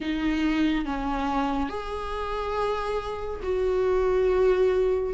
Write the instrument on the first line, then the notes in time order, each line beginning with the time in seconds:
viola
0.00 D#4
0.85 C#4
1.69 G#4
3.42 F#4